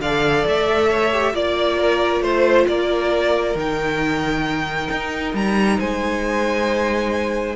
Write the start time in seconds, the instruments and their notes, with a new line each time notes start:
0.00 cello D3, viola A4, violin D5 F5
0.47 cello A3, violin E5
0.89 violin C#5
1.12 viola G4
1.34 cello A#3, viola F4, violin D5
1.79 violin A#4
2.21 cello A3, violin C5
2.68 cello A#3, violin A#4 D5
3.55 cello D#3, viola D#4, violin G5
4.91 cello D#4
5.34 cello G3, violin A#5
5.78 cello G#3, violin C5 G#5